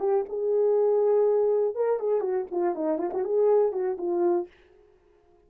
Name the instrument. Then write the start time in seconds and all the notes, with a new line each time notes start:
horn
0.00 G4
0.30 G#4
1.76 A#4
2.00 G#4
2.21 F#4
2.51 F4
2.75 D#4
2.98 F4
3.14 F#4
3.25 G#4
3.73 F#4
3.98 F4